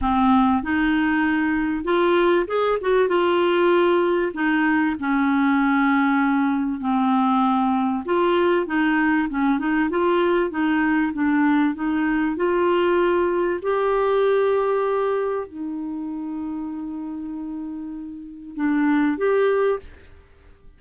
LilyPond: \new Staff \with { instrumentName = "clarinet" } { \time 4/4 \tempo 4 = 97 c'4 dis'2 f'4 | gis'8 fis'8 f'2 dis'4 | cis'2. c'4~ | c'4 f'4 dis'4 cis'8 dis'8 |
f'4 dis'4 d'4 dis'4 | f'2 g'2~ | g'4 dis'2.~ | dis'2 d'4 g'4 | }